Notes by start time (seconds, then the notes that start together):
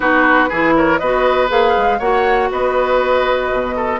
0.00 B3 D#4 F#4 B4
0.49 E3 E4 G#4
0.76 A#4 C#5
0.98 B3 F#4 B4 D#5
1.48 A#3 G#4 F5
1.77 G#3
1.98 A#3 F#4 C#5 F#5
2.51 B3 B4 D#5
3.51 B2
3.76 A4